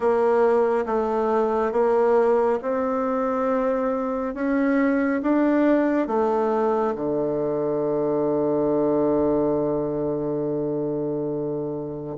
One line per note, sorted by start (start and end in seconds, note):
0.00 0.85 A#3
0.86 1.72 A3
1.72 2.59 A#3
2.62 4.34 C4
4.34 5.21 C#4
5.22 6.07 D4
6.07 6.94 A3
6.95 12.17 D3